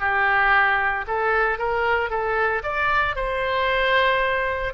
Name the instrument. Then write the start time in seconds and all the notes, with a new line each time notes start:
oboe
0.00 G4
1.07 A4
1.59 A#4
2.10 A4
2.63 D5
3.16 C5